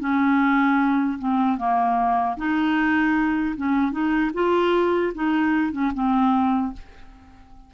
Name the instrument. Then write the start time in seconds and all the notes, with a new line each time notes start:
clarinet
0.00 C#4
1.19 C4
1.58 A#3
2.38 D#4
3.57 C#4
3.92 D#4
4.34 F4
5.15 D#4
5.72 C#4
5.95 C4